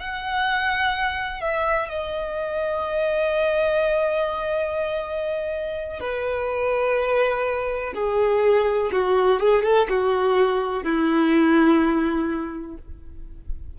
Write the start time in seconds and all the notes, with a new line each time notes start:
0.00 F#5
1.41 E5
1.90 D#5
6.00 B4
7.94 G#4
8.93 F#4
9.40 G#4
9.64 A4
9.90 F#4
10.84 E4